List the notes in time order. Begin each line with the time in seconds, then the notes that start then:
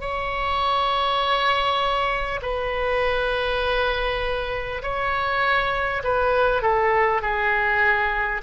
0.00 C#5
2.42 B4
4.82 C#5
6.03 B4
6.62 A4
7.22 G#4